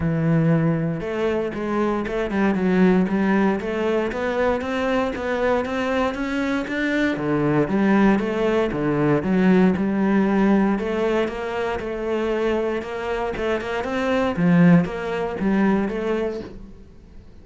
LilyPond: \new Staff \with { instrumentName = "cello" } { \time 4/4 \tempo 4 = 117 e2 a4 gis4 | a8 g8 fis4 g4 a4 | b4 c'4 b4 c'4 | cis'4 d'4 d4 g4 |
a4 d4 fis4 g4~ | g4 a4 ais4 a4~ | a4 ais4 a8 ais8 c'4 | f4 ais4 g4 a4 | }